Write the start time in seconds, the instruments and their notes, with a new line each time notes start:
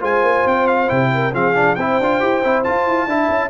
0.00 tuba G#3, trombone F4, horn C5, trumpet G#5
0.22 tuba A#3
0.45 tuba C4, trumpet G5
0.67 trumpet F5
0.87 tuba C3, trombone E4, trumpet G5
1.14 horn A#4
1.33 tuba F3, trombone C4, horn G#4, trumpet F5
1.54 trombone D4
1.75 tuba C4, trombone E4, horn C5, trumpet G5
1.99 tuba D4, trombone F4
2.20 tuba E4, trombone G4
2.43 tuba C4, trombone E4
2.63 trombone F4, tuba F4, trumpet A5
2.86 tuba E4
3.06 tuba D4, trombone E4, horn E5
3.29 tuba C#4